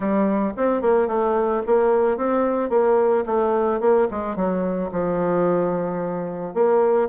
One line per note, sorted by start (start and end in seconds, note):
0.00 0.52 G3
0.57 0.81 C4
0.81 1.07 A#3
1.07 1.62 A3
1.66 2.17 A#3
2.17 2.69 C4
2.69 3.24 A#3
3.26 3.80 A3
3.80 4.07 A#3
4.10 4.35 G#3
4.35 4.90 F#3
4.91 6.54 F3
6.54 7.08 A#3